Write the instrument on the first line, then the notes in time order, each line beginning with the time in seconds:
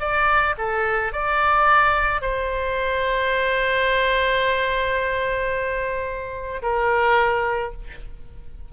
oboe
0.00 D5
0.58 A4
1.13 D5
2.22 C5
6.63 A#4